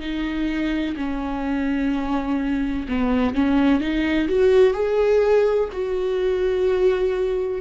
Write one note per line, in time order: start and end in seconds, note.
0.00 0.95 D#4
0.96 2.87 C#4
2.88 3.35 B3
3.35 3.81 C#4
3.81 4.28 D#4
4.29 4.74 F#4
4.74 5.69 G#4
5.72 7.61 F#4